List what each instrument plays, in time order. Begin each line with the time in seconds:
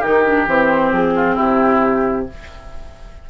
0.00 bassoon D#3, clarinet D#4, oboe G4, flute A#4
0.25 clarinet D4
0.47 bassoon E3, clarinet C4, flute C5
0.92 bassoon F3, flute G#4
1.16 oboe F4
1.35 bassoon C3, oboe E4, flute G4